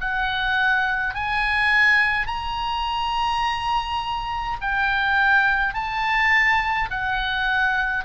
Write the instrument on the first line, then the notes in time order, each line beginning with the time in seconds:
oboe
0.00 F#5
1.14 G#5
2.27 A#5
4.61 G5
5.74 A5
6.90 F#5